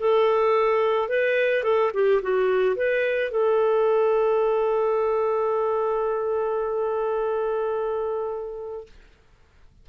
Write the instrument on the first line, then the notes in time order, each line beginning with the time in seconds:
clarinet
0.00 A4
1.09 B4
1.64 A4
1.94 G4
2.22 F#4
2.76 B4
3.32 A4